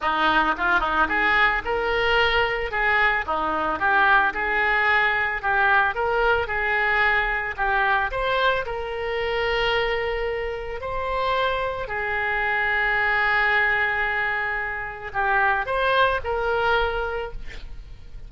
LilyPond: \new Staff \with { instrumentName = "oboe" } { \time 4/4 \tempo 4 = 111 dis'4 f'8 dis'8 gis'4 ais'4~ | ais'4 gis'4 dis'4 g'4 | gis'2 g'4 ais'4 | gis'2 g'4 c''4 |
ais'1 | c''2 gis'2~ | gis'1 | g'4 c''4 ais'2 | }